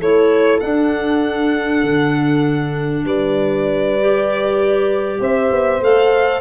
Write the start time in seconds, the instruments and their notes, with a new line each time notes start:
0.00 tuba A3, clarinet E4, horn A4, violin C#5
0.60 clarinet D4, tuba D4, violin F#5
1.83 tuba D3
3.04 tuba G3, horn B4, violin D5
4.00 clarinet G4
5.19 tuba C4, horn C5, violin E5
5.51 tuba B3
5.81 tuba A3, clarinet A4, violin F5